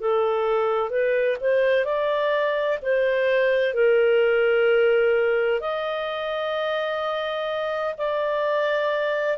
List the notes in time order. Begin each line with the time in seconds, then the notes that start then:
0.00 A4
0.90 B4
1.40 C5
1.85 D5
2.82 C5
3.74 A#4
5.60 D#5
7.98 D5